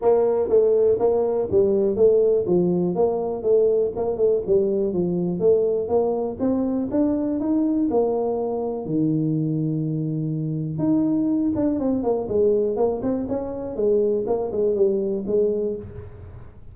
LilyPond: \new Staff \with { instrumentName = "tuba" } { \time 4/4 \tempo 4 = 122 ais4 a4 ais4 g4 | a4 f4 ais4 a4 | ais8 a8 g4 f4 a4 | ais4 c'4 d'4 dis'4 |
ais2 dis2~ | dis2 dis'4. d'8 | c'8 ais8 gis4 ais8 c'8 cis'4 | gis4 ais8 gis8 g4 gis4 | }